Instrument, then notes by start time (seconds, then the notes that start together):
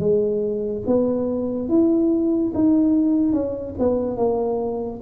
tuba
0.00 G#3
0.87 B3
1.69 E4
2.55 D#4
3.33 C#4
3.79 B3
4.17 A#3